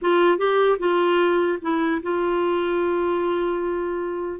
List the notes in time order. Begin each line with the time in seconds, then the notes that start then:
0.01 F4
0.37 G4
0.78 F4
1.61 E4
2.02 F4